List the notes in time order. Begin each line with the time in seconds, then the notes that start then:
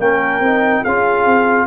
0.00 A#3 C#4 A#4 G5
0.40 C4 D#4
0.83 C#4 F4 G#4 F5
1.26 C4